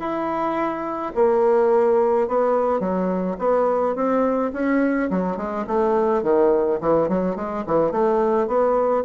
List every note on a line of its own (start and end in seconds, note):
0.00 1.13 E4
1.16 2.28 A#3
2.28 2.80 B3
2.80 3.37 F#3
3.39 3.96 B3
3.96 4.53 C4
4.54 5.10 C#4
5.10 5.37 F#3
5.37 5.66 G#3
5.68 6.23 A3
6.23 6.80 D#3
6.81 7.09 E3
7.09 7.36 F#3
7.36 7.65 G#3
7.67 7.92 E3
7.92 8.48 A3
8.48 9.05 B3